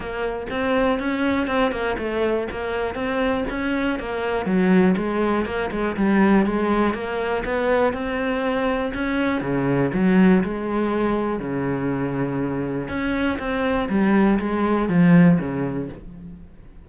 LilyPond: \new Staff \with { instrumentName = "cello" } { \time 4/4 \tempo 4 = 121 ais4 c'4 cis'4 c'8 ais8 | a4 ais4 c'4 cis'4 | ais4 fis4 gis4 ais8 gis8 | g4 gis4 ais4 b4 |
c'2 cis'4 cis4 | fis4 gis2 cis4~ | cis2 cis'4 c'4 | g4 gis4 f4 cis4 | }